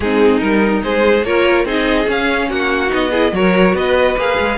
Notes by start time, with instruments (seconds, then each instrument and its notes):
0.00 cello G#3, viola C4, violin D#4 G#4
0.40 cello G3, viola D#4, violin A#4
0.83 cello G#3, violin G#4 C5
1.23 cello A#3, viola F4, violin A#4 C#5
1.64 cello C4, viola D#4, violin G#4 D#5
2.04 viola C#4, cello C#4
2.10 violin F5
2.49 cello A#3, violin F#4 F#5
2.88 cello B3, viola D#4, violin D#5
3.11 viola E4, violin G#4
3.31 cello F#3, viola F#4, violin A#4 C#5
3.73 cello B3, violin B4 D#5
4.17 cello A#3, viola G#4, violin F5
4.38 cello G#3